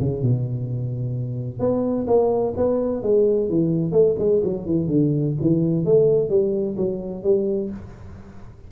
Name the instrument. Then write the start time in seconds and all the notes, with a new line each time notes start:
tuba
0.00 C#3
0.23 B2
1.60 B3
2.07 A#3
2.57 B3
3.03 G#3
3.50 E3
3.92 A3
4.19 G#3
4.44 F#3
4.66 E3
4.88 D3
5.41 E3
5.86 A3
6.30 G3
6.78 F#3
7.24 G3